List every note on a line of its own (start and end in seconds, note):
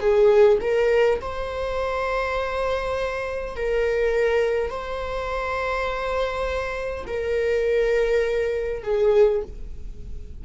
0.00 0.59 G#4
0.61 1.20 A#4
1.21 3.56 C5
3.56 4.70 A#4
4.70 7.05 C5
7.07 8.83 A#4
8.83 9.42 G#4